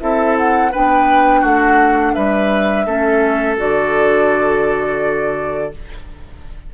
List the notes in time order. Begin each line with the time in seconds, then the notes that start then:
0.00 C4 E4 A4 E5
0.37 F#5
0.72 B3 D4 B4 G5
1.41 A3 F#4 F#5
2.14 G3 B4 E5
2.86 A3 C#4 A4
3.57 D3 F#4 D5